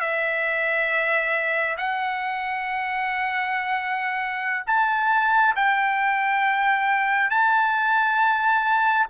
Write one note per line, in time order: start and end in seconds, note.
0.00 1.76 E5
1.77 4.64 F#5
4.66 5.55 A5
5.55 7.30 G5
7.30 9.06 A5